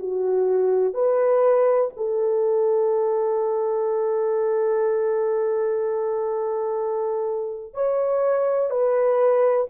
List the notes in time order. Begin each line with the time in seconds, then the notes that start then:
0.00 F#4
0.95 B4
1.97 A4
7.74 C#5
8.71 B4